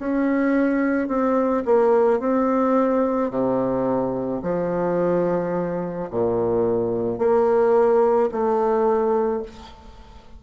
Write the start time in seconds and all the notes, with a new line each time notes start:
0.00 C#4
1.09 C4
1.66 A#3
2.20 C4
3.31 C3
4.43 F3
6.11 A#2
7.19 A#3
8.32 A3